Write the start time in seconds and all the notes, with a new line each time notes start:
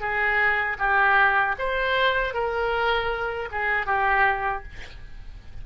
0.00 G#4
0.79 G4
1.59 C5
2.34 A#4
3.52 G#4
3.86 G4